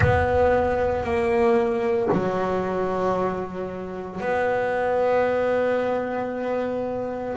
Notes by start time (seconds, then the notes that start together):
0.00 B3
1.03 A#3
2.12 F#3
4.20 B3